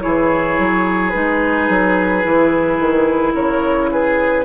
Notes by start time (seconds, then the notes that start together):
0.00 E3 E4 G#4 C#5
0.58 F#3
1.09 G#3 D#4 B4
1.69 F#3
2.22 E3 E4
2.79 D#3
3.34 C#3 A#4 C#5
3.91 G#4 B4